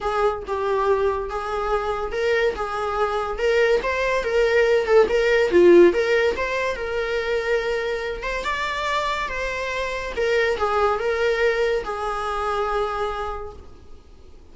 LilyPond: \new Staff \with { instrumentName = "viola" } { \time 4/4 \tempo 4 = 142 gis'4 g'2 gis'4~ | gis'4 ais'4 gis'2 | ais'4 c''4 ais'4. a'8 | ais'4 f'4 ais'4 c''4 |
ais'2.~ ais'8 c''8 | d''2 c''2 | ais'4 gis'4 ais'2 | gis'1 | }